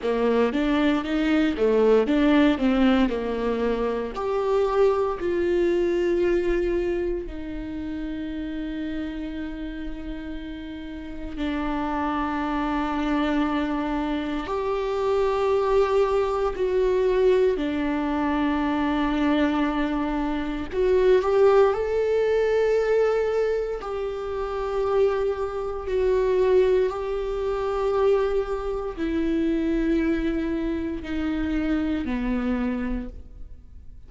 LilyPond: \new Staff \with { instrumentName = "viola" } { \time 4/4 \tempo 4 = 58 ais8 d'8 dis'8 a8 d'8 c'8 ais4 | g'4 f'2 dis'4~ | dis'2. d'4~ | d'2 g'2 |
fis'4 d'2. | fis'8 g'8 a'2 g'4~ | g'4 fis'4 g'2 | e'2 dis'4 b4 | }